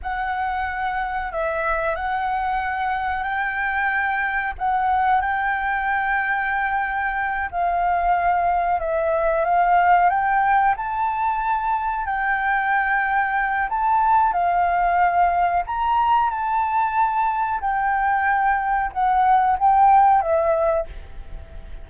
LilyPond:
\new Staff \with { instrumentName = "flute" } { \time 4/4 \tempo 4 = 92 fis''2 e''4 fis''4~ | fis''4 g''2 fis''4 | g''2.~ g''8 f''8~ | f''4. e''4 f''4 g''8~ |
g''8 a''2 g''4.~ | g''4 a''4 f''2 | ais''4 a''2 g''4~ | g''4 fis''4 g''4 e''4 | }